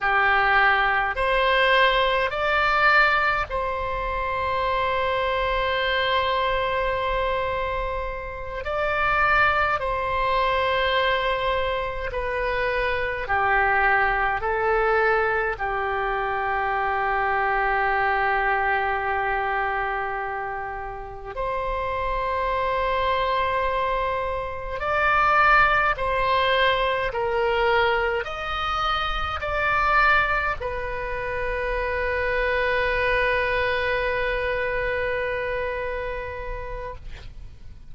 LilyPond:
\new Staff \with { instrumentName = "oboe" } { \time 4/4 \tempo 4 = 52 g'4 c''4 d''4 c''4~ | c''2.~ c''8 d''8~ | d''8 c''2 b'4 g'8~ | g'8 a'4 g'2~ g'8~ |
g'2~ g'8 c''4.~ | c''4. d''4 c''4 ais'8~ | ais'8 dis''4 d''4 b'4.~ | b'1 | }